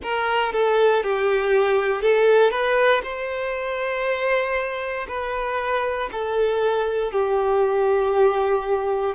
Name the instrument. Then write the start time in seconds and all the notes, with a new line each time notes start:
violin
0.02 A#4
0.52 A4
1.03 G4
2.01 A4
2.51 B4
3.03 C5
5.08 B4
6.12 A4
7.11 G4